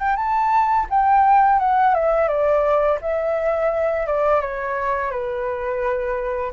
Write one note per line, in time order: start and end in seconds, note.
0.00 0.16 G5
0.16 0.87 A5
0.90 1.60 G5
1.60 1.95 F#5
1.95 2.28 E5
2.28 2.99 D5
3.02 4.07 E5
4.07 4.41 D5
4.41 5.11 C#5
5.11 6.53 B4